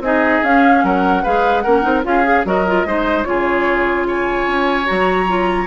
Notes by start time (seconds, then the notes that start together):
0.00 C4 D#4 G#4 D#5
0.44 C#4 F5
0.84 F#3 A#4 F#5
1.24 G#3 G#4 B4 F5
1.61 A#3 C#4 A#4 F#5
1.82 C4 D#4
2.04 C#4 F4 G#4 F5
2.24 G#4
2.46 F#3 F#4 A#4 D#5
2.68 F4
2.85 G#3 D#4 C5
3.24 C#3 F4 G#4 C#5
4.08 C#5 G#5
4.47 C#4
4.86 F#3 F#4 A#5
5.28 F4